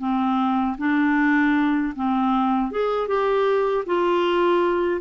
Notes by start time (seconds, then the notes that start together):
0.00 C4
0.79 D4
1.96 C4
2.72 G#4
3.08 G4
3.86 F4